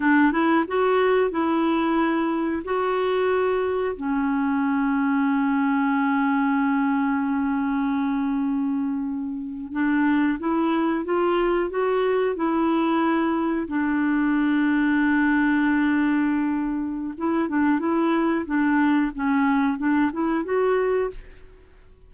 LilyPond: \new Staff \with { instrumentName = "clarinet" } { \time 4/4 \tempo 4 = 91 d'8 e'8 fis'4 e'2 | fis'2 cis'2~ | cis'1~ | cis'2~ cis'8. d'4 e'16~ |
e'8. f'4 fis'4 e'4~ e'16~ | e'8. d'2.~ d'16~ | d'2 e'8 d'8 e'4 | d'4 cis'4 d'8 e'8 fis'4 | }